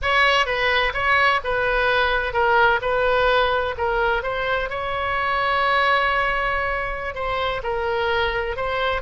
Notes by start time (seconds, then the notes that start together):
0.02 C#5
0.46 B4
0.93 C#5
1.43 B4
2.33 A#4
2.81 B4
3.77 A#4
4.23 C5
4.69 C#5
7.14 C5
7.63 A#4
8.56 C5